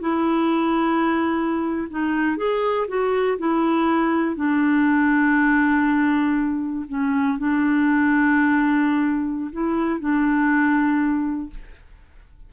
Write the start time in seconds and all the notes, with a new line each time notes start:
0.00 E4
1.90 D#4
2.37 G#4
2.87 F#4
3.38 E4
4.35 D4
6.88 C#4
7.38 D4
9.52 E4
9.99 D4